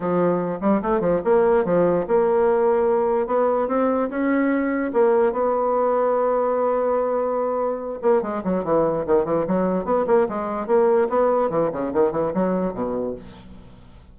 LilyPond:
\new Staff \with { instrumentName = "bassoon" } { \time 4/4 \tempo 4 = 146 f4. g8 a8 f8 ais4 | f4 ais2. | b4 c'4 cis'2 | ais4 b2.~ |
b2.~ b8 ais8 | gis8 fis8 e4 dis8 e8 fis4 | b8 ais8 gis4 ais4 b4 | e8 cis8 dis8 e8 fis4 b,4 | }